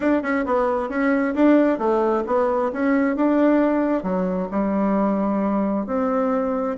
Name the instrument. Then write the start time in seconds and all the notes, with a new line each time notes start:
bassoon
0.00 D4
0.22 C#4
0.45 B3
0.89 C#4
1.34 D4
1.78 A3
2.26 B3
2.72 C#4
3.16 D4
4.03 F#3
4.51 G3
5.86 C4